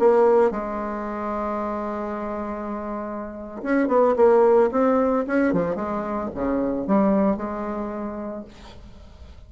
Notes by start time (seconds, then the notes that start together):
0.00 A#3
0.51 G#3
3.63 C#4
3.88 B3
4.17 A#3
4.72 C4
5.28 C#4
5.54 F3
5.76 G#3
6.35 C#3
6.87 G3
7.37 G#3